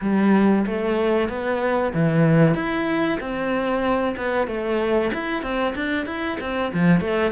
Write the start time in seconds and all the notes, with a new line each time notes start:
0.01 G3
0.66 A3
1.29 B3
1.94 E3
2.54 E4
3.19 C4
4.16 B3
4.47 A3
5.13 E4
5.42 C4
5.75 D4
6.06 E4
6.40 C4
6.73 F3
7.00 A3